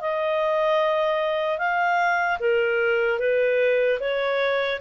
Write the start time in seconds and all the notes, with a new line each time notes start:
0.00 D#5
1.58 F5
2.39 A#4
3.19 B4
4.00 C#5